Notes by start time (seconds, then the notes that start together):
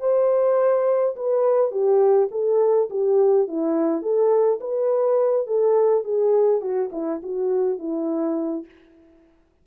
0.00 C5
1.16 B4
1.71 G4
2.32 A4
2.90 G4
3.48 E4
4.02 A4
4.60 B4
5.47 A4
6.04 G#4
6.61 F#4
6.92 E4
7.23 F#4
7.79 E4